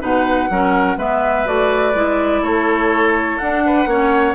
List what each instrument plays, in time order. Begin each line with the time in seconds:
0.00 bassoon B2, clarinet D#4, oboe B4, flute F#5
0.49 bassoon F#3, clarinet C#4, oboe A#4
0.96 bassoon G#3, clarinet B3, oboe B4, flute E5
1.46 bassoon A3, clarinet F#4, flute D5
1.94 bassoon G#3, clarinet E4
2.42 bassoon A3, oboe A4, flute C#5
3.38 bassoon D4, clarinet D4, flute F#5
3.66 oboe B4
3.85 bassoon A#3, clarinet C#4, oboe C#5